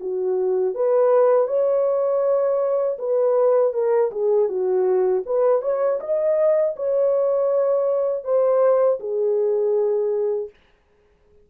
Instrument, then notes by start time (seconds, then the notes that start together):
horn
0.00 F#4
0.75 B4
1.47 C#5
2.98 B4
3.73 A#4
4.11 G#4
4.48 F#4
5.26 B4
5.62 C#5
6.00 D#5
6.76 C#5
8.24 C5
9.00 G#4